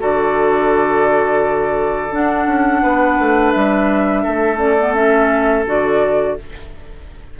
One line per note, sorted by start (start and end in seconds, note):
0.00 2.12 D3
0.00 2.12 F#4
0.00 2.83 A4
0.00 2.13 D5
2.12 4.57 D4
2.12 2.47 D4
2.12 3.52 F#5
2.47 2.82 C#4
2.83 3.19 B3
2.83 4.23 B4
3.19 3.55 A3
3.52 4.26 G3
3.52 4.58 E5
4.23 5.66 A3
4.23 6.35 A4
4.57 4.75 C#4
4.57 4.94 D5
4.80 4.95 B3
4.95 5.65 C#4
4.95 5.65 E5
5.66 6.37 D3
5.66 6.37 F#4
5.66 6.40 D5